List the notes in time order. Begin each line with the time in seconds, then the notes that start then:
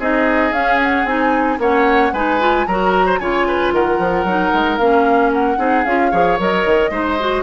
0.00 C4 D#4 G#4 D#5
0.52 C#4 F5
0.84 F#5
1.05 C4 D#4 G#5
1.59 A#3 C#4 C#5 F#5
2.13 G#3 D#4 B4 G#5
2.40 F4
2.67 F#3 F#4 A#4 A#5
3.06 C5
3.19 C#3 F4 C#5 G#5
3.48 B4
3.73 D#3 A#4 F#5
3.99 F3
4.25 F#3 D#4
4.54 G#3
4.78 A#3 C#4 F5
5.33 F#5
5.58 C4 D#4 G#4
5.86 C#4 F4 F5
6.11 F3 G#4 C#5
6.39 F#3 A#4 D#5
6.66 D#3
6.90 G#3 D#4 C5
7.20 F#4